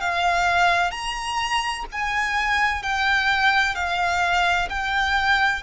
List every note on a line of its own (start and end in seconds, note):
0.00 0.91 F5
0.91 1.85 A#5
1.91 2.83 G#5
2.83 3.75 G5
3.75 4.68 F5
4.69 5.62 G5